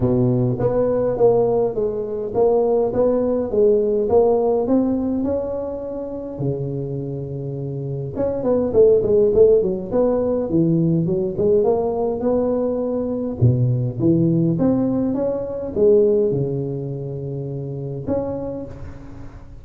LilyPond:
\new Staff \with { instrumentName = "tuba" } { \time 4/4 \tempo 4 = 103 b,4 b4 ais4 gis4 | ais4 b4 gis4 ais4 | c'4 cis'2 cis4~ | cis2 cis'8 b8 a8 gis8 |
a8 fis8 b4 e4 fis8 gis8 | ais4 b2 b,4 | e4 c'4 cis'4 gis4 | cis2. cis'4 | }